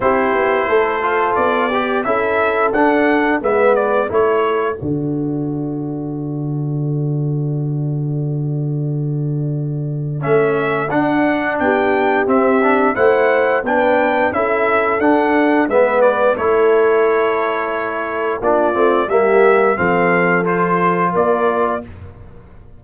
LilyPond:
<<
  \new Staff \with { instrumentName = "trumpet" } { \time 4/4 \tempo 4 = 88 c''2 d''4 e''4 | fis''4 e''8 d''8 cis''4 d''4~ | d''1~ | d''2. e''4 |
fis''4 g''4 e''4 fis''4 | g''4 e''4 fis''4 e''8 d''8 | cis''2. d''4 | e''4 f''4 c''4 d''4 | }
  \new Staff \with { instrumentName = "horn" } { \time 4/4 g'4 a'4. g'8 a'4~ | a'4 b'4 a'2~ | a'1~ | a'1~ |
a'4 g'2 c''4 | b'4 a'2 b'4 | a'2. f'4 | g'4 a'2 ais'4 | }
  \new Staff \with { instrumentName = "trombone" } { \time 4/4 e'4. f'4 g'8 e'4 | d'4 b4 e'4 fis'4~ | fis'1~ | fis'2. cis'4 |
d'2 c'8 d'8 e'4 | d'4 e'4 d'4 b4 | e'2. d'8 c'8 | ais4 c'4 f'2 | }
  \new Staff \with { instrumentName = "tuba" } { \time 4/4 c'8 b8 a4 b4 cis'4 | d'4 gis4 a4 d4~ | d1~ | d2. a4 |
d'4 b4 c'4 a4 | b4 cis'4 d'4 gis4 | a2. ais8 a8 | g4 f2 ais4 | }
>>